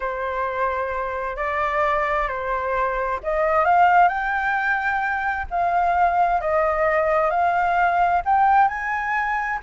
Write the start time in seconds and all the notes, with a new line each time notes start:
0.00 C5
1.36 D5
2.28 C5
3.23 D#5
3.65 F5
4.08 G5
5.50 F5
6.41 D#5
7.30 F5
8.25 G5
8.68 G#5